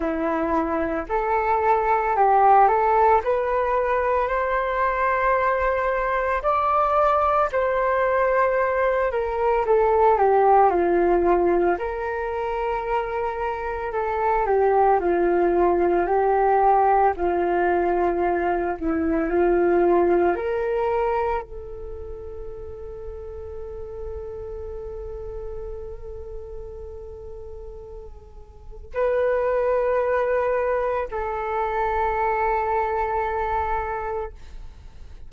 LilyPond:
\new Staff \with { instrumentName = "flute" } { \time 4/4 \tempo 4 = 56 e'4 a'4 g'8 a'8 b'4 | c''2 d''4 c''4~ | c''8 ais'8 a'8 g'8 f'4 ais'4~ | ais'4 a'8 g'8 f'4 g'4 |
f'4. e'8 f'4 ais'4 | a'1~ | a'2. b'4~ | b'4 a'2. | }